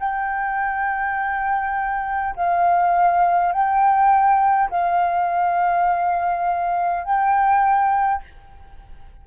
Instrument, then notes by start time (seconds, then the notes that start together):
flute
0.00 G5
2.36 F5
3.52 G5
4.70 F5
7.04 G5